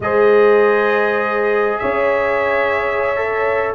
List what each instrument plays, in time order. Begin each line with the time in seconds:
0.00 tuba G#3, trombone G#4, horn C5, trumpet D#5
1.78 tuba C#4, horn C#5, trumpet E5
3.16 trombone A4